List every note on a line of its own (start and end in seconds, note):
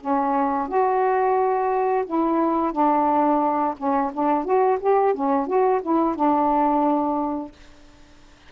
0.00 0.68 C#4
0.68 2.05 F#4
2.06 2.72 E4
2.72 3.75 D4
3.77 4.12 C#4
4.13 4.45 D4
4.45 4.79 F#4
4.80 5.14 G4
5.14 5.47 C#4
5.47 5.81 F#4
5.82 6.15 E4
6.15 7.52 D4